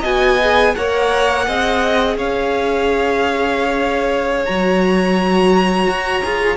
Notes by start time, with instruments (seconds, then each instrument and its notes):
0.00 cello B3, viola F#4, violin D#5 G#5
0.41 viola G#4
0.75 cello A#3, viola A#4, violin C#5 F#5
1.45 cello C4, viola G#4, violin D#5
2.16 cello C#4, violin C#5 F5
4.45 cello F#3, viola F#4, violin A#5
5.87 cello F#4
6.23 cello F4, viola G#4